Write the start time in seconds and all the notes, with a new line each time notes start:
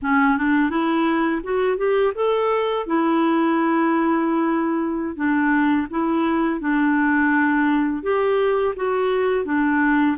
0.02 C#4
0.37 D4
0.69 E4
1.43 F#4
1.77 G4
2.14 A4
2.86 E4
5.16 D4
5.90 E4
6.60 D4
8.02 G4
8.76 F#4
9.45 D4